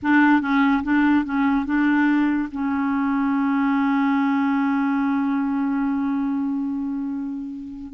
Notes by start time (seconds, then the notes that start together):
0.02 D4
0.41 C#4
0.83 D4
1.24 C#4
1.65 D4
2.51 C#4